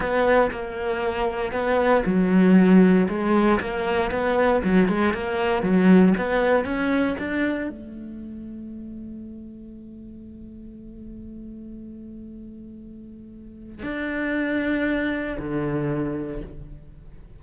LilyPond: \new Staff \with { instrumentName = "cello" } { \time 4/4 \tempo 4 = 117 b4 ais2 b4 | fis2 gis4 ais4 | b4 fis8 gis8 ais4 fis4 | b4 cis'4 d'4 a4~ |
a1~ | a1~ | a2. d'4~ | d'2 d2 | }